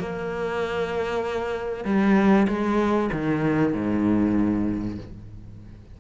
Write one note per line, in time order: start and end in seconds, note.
0.00 1.85 A#3
1.85 2.47 G3
2.48 3.10 G#3
3.12 3.73 D#3
3.73 4.98 G#2